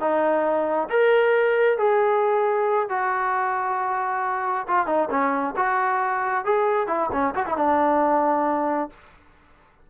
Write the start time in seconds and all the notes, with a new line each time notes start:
0.00 D#4
0.90 A#4
1.78 G#4
2.89 F#4
4.67 F4
4.87 D#4
5.11 C#4
5.56 F#4
6.45 G#4
6.87 E4
7.12 C#4
7.35 F#4
7.46 E4
7.57 D4